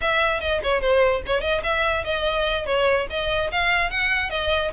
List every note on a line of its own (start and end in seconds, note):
0.01 0.40 E5
0.40 0.61 D#5
0.63 0.81 C#5
0.81 1.22 C5
1.26 1.41 C#5
1.41 1.61 D#5
1.63 2.04 E5
2.04 2.66 D#5
2.66 3.07 C#5
3.10 3.51 D#5
3.51 3.90 F5
3.90 4.30 F#5
4.30 4.71 D#5